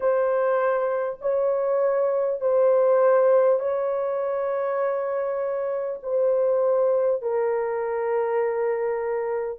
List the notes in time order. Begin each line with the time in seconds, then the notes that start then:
0.00 C5
1.21 C#5
2.41 C5
3.59 C#5
6.02 C5
7.22 A#4